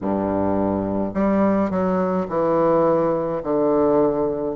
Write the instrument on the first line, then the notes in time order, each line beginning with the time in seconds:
bassoon
0.01 G2
1.14 G3
1.70 F#3
2.28 E3
3.43 D3